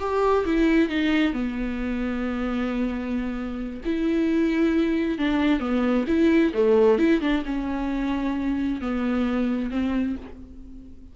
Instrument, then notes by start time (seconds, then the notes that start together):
viola
0.00 G4
0.46 E4
0.89 D#4
1.33 B3
3.85 E4
5.18 D4
5.60 B3
6.08 E4
6.54 A3
6.98 E4
7.21 D4
7.46 C#4
8.81 B3
9.71 C4